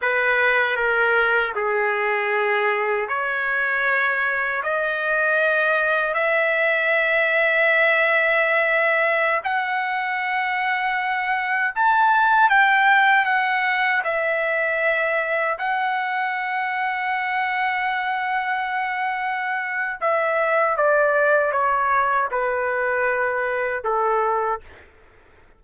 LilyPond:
\new Staff \with { instrumentName = "trumpet" } { \time 4/4 \tempo 4 = 78 b'4 ais'4 gis'2 | cis''2 dis''2 | e''1~ | e''16 fis''2. a''8.~ |
a''16 g''4 fis''4 e''4.~ e''16~ | e''16 fis''2.~ fis''8.~ | fis''2 e''4 d''4 | cis''4 b'2 a'4 | }